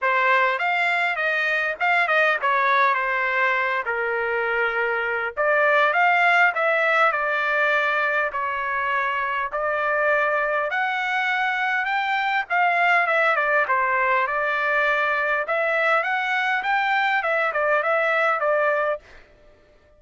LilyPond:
\new Staff \with { instrumentName = "trumpet" } { \time 4/4 \tempo 4 = 101 c''4 f''4 dis''4 f''8 dis''8 | cis''4 c''4. ais'4.~ | ais'4 d''4 f''4 e''4 | d''2 cis''2 |
d''2 fis''2 | g''4 f''4 e''8 d''8 c''4 | d''2 e''4 fis''4 | g''4 e''8 d''8 e''4 d''4 | }